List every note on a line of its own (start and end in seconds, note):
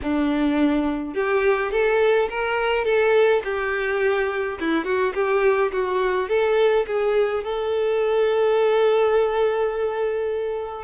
0.02 1.14 D4
1.14 1.71 G4
1.71 2.28 A4
2.29 2.84 A#4
2.84 3.42 A4
3.44 4.58 G4
4.60 4.84 E4
4.84 5.13 F#4
5.14 5.71 G4
5.71 6.28 F#4
6.28 6.85 A4
6.86 7.44 G#4
7.44 10.84 A4